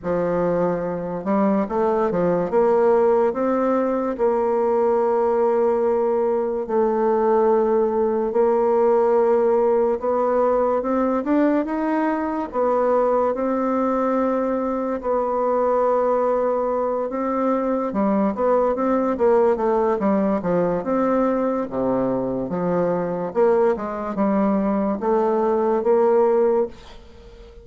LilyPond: \new Staff \with { instrumentName = "bassoon" } { \time 4/4 \tempo 4 = 72 f4. g8 a8 f8 ais4 | c'4 ais2. | a2 ais2 | b4 c'8 d'8 dis'4 b4 |
c'2 b2~ | b8 c'4 g8 b8 c'8 ais8 a8 | g8 f8 c'4 c4 f4 | ais8 gis8 g4 a4 ais4 | }